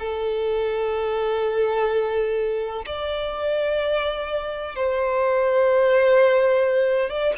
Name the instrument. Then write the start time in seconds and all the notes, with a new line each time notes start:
violin
0.00 A4
2.86 D5
4.76 C5
7.10 D5